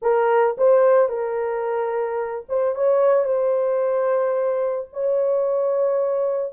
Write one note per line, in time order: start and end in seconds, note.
0.01 0.56 A#4
0.57 1.08 C5
1.08 2.45 A#4
2.48 2.75 C5
2.75 3.24 C#5
3.24 4.88 C5
4.92 6.52 C#5